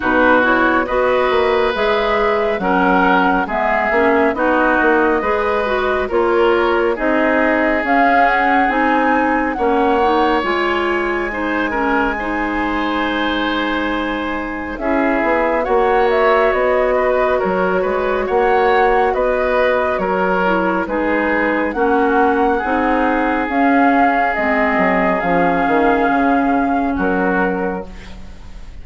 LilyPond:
<<
  \new Staff \with { instrumentName = "flute" } { \time 4/4 \tempo 4 = 69 b'8 cis''8 dis''4 e''4 fis''4 | e''4 dis''2 cis''4 | dis''4 f''8 fis''8 gis''4 fis''4 | gis''1~ |
gis''4 e''4 fis''8 e''8 dis''4 | cis''4 fis''4 dis''4 cis''4 | b'4 fis''2 f''4 | dis''4 f''2 ais'4 | }
  \new Staff \with { instrumentName = "oboe" } { \time 4/4 fis'4 b'2 ais'4 | gis'4 fis'4 b'4 ais'4 | gis'2. cis''4~ | cis''4 c''8 ais'8 c''2~ |
c''4 gis'4 cis''4. b'8 | ais'8 b'8 cis''4 b'4 ais'4 | gis'4 fis'4 gis'2~ | gis'2. fis'4 | }
  \new Staff \with { instrumentName = "clarinet" } { \time 4/4 dis'8 e'8 fis'4 gis'4 cis'4 | b8 cis'8 dis'4 gis'8 fis'8 f'4 | dis'4 cis'4 dis'4 cis'8 dis'8 | f'4 dis'8 cis'8 dis'2~ |
dis'4 e'4 fis'2~ | fis'2.~ fis'8 e'8 | dis'4 cis'4 dis'4 cis'4 | c'4 cis'2. | }
  \new Staff \with { instrumentName = "bassoon" } { \time 4/4 b,4 b8 ais8 gis4 fis4 | gis8 ais8 b8 ais8 gis4 ais4 | c'4 cis'4 c'4 ais4 | gis1~ |
gis4 cis'8 b8 ais4 b4 | fis8 gis8 ais4 b4 fis4 | gis4 ais4 c'4 cis'4 | gis8 fis8 f8 dis8 cis4 fis4 | }
>>